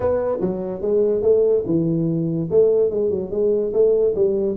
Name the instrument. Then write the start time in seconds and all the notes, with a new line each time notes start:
tuba
0.00 B3
0.40 F#3
0.81 G#3
1.22 A3
1.66 E3
2.50 A3
2.90 G#3
3.10 F#3
3.30 G#3
3.73 A3
4.15 G3